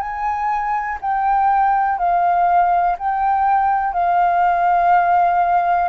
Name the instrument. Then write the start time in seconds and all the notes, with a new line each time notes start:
flute
0.00 G#5
1.01 G5
1.99 F5
2.99 G5
3.93 F5